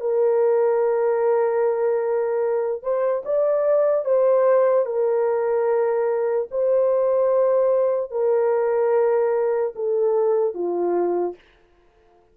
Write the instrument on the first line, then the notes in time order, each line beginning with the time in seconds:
horn
0.00 A#4
2.82 C5
3.25 D5
4.05 C5
4.86 A#4
6.51 C5
8.11 A#4
9.76 A4
10.54 F4